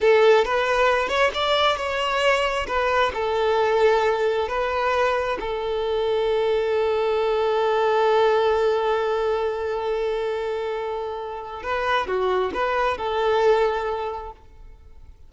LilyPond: \new Staff \with { instrumentName = "violin" } { \time 4/4 \tempo 4 = 134 a'4 b'4. cis''8 d''4 | cis''2 b'4 a'4~ | a'2 b'2 | a'1~ |
a'1~ | a'1~ | a'2 b'4 fis'4 | b'4 a'2. | }